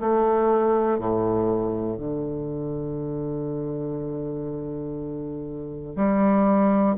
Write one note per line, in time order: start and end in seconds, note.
0.00 0.99 A3
0.99 1.97 A2
1.97 5.96 D3
5.96 6.96 G3